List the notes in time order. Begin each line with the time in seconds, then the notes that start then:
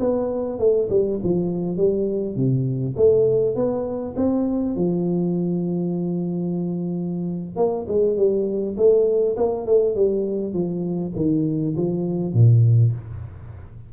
0.00 B3
0.59 A3
0.90 G3
1.24 F3
1.77 G3
2.36 C3
2.97 A3
3.56 B3
4.16 C4
4.76 F3
7.56 A#3
7.88 G#3
8.17 G3
8.77 A3
9.37 A#3
9.66 A3
9.96 G3
10.53 F3
11.16 D#3
11.77 F3
12.33 A#2